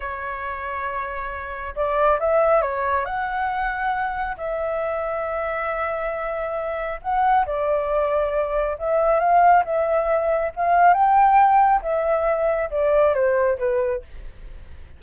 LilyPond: \new Staff \with { instrumentName = "flute" } { \time 4/4 \tempo 4 = 137 cis''1 | d''4 e''4 cis''4 fis''4~ | fis''2 e''2~ | e''1 |
fis''4 d''2. | e''4 f''4 e''2 | f''4 g''2 e''4~ | e''4 d''4 c''4 b'4 | }